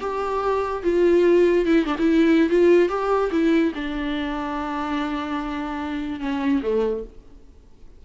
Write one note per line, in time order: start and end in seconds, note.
0.00 0.83 G4
0.83 1.65 F4
1.65 1.85 E4
1.85 1.96 D4
1.98 2.49 E4
2.49 2.89 F4
2.89 3.30 G4
3.31 3.72 E4
3.74 6.20 D4
6.20 6.61 C#4
6.62 7.03 A3